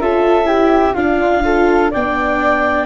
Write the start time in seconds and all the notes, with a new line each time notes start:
0.00 C#4 F4 A4 E5
0.45 E4 G4
0.94 D4 F4 F5
1.43 F4 A4
1.91 B3 D4 D5 G5